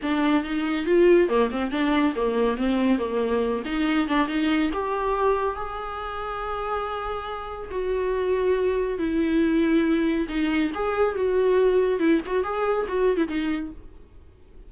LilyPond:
\new Staff \with { instrumentName = "viola" } { \time 4/4 \tempo 4 = 140 d'4 dis'4 f'4 ais8 c'8 | d'4 ais4 c'4 ais4~ | ais8 dis'4 d'8 dis'4 g'4~ | g'4 gis'2.~ |
gis'2 fis'2~ | fis'4 e'2. | dis'4 gis'4 fis'2 | e'8 fis'8 gis'4 fis'8. e'16 dis'4 | }